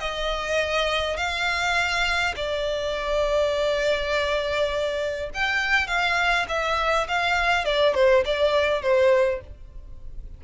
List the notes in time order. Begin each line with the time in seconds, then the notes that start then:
0.00 D#5
1.17 F5
2.36 D5
5.34 G5
5.87 F5
6.48 E5
7.08 F5
7.65 D5
7.95 C5
8.25 D5
8.82 C5